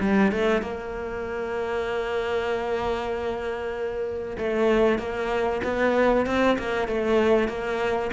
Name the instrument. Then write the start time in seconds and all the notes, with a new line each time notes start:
cello
0.00 G3
0.32 A3
0.61 A#3
4.38 A3
4.98 A#3
5.64 B3
6.26 C4
6.58 A#3
6.88 A3
7.48 A#3